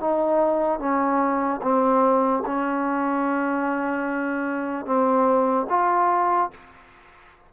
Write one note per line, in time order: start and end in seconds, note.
0.00 0.79 D#4
0.79 1.60 C#4
1.62 2.43 C4
2.45 4.85 C#4
4.85 5.66 C4
5.69 6.50 F4